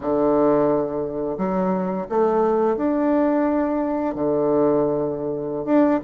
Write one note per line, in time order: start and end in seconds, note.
0.00 1.37 D3
1.38 2.07 F#3
2.09 2.76 A3
2.76 4.14 D4
4.14 5.65 D3
5.65 5.99 D4